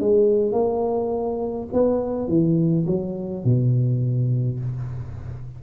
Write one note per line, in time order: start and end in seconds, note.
0.00 0.52 G#3
0.52 1.68 A#3
1.73 2.28 B3
2.28 2.86 E3
2.86 3.44 F#3
3.44 4.59 B2